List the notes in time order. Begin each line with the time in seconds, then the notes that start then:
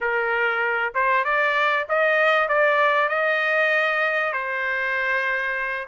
0.00 A#4
0.94 C5
1.24 D5
1.88 D#5
2.48 D5
3.08 D#5
4.32 C5